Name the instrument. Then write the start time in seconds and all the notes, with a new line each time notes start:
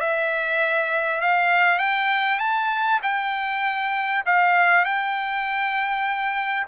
trumpet
0.00 E5
1.21 F5
1.79 G5
2.39 A5
3.02 G5
4.25 F5
4.85 G5